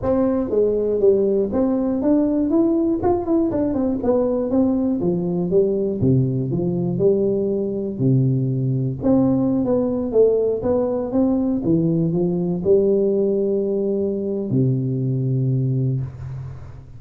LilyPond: \new Staff \with { instrumentName = "tuba" } { \time 4/4 \tempo 4 = 120 c'4 gis4 g4 c'4 | d'4 e'4 f'8 e'8 d'8 c'8 | b4 c'4 f4 g4 | c4 f4 g2 |
c2 c'4~ c'16 b8.~ | b16 a4 b4 c'4 e8.~ | e16 f4 g2~ g8.~ | g4 c2. | }